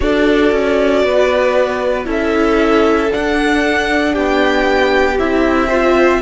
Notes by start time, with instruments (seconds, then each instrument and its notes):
0.00 cello D4, viola F#4, violin A4 D5
0.52 cello C#4
1.04 cello B3, violin B4
2.04 cello C#4, viola E4, violin A4 E5
3.11 viola D4, cello D4, violin F#5
4.12 cello B3, violin G4 G5
5.18 cello C4, viola E4, violin E5
5.67 viola F4, violin C5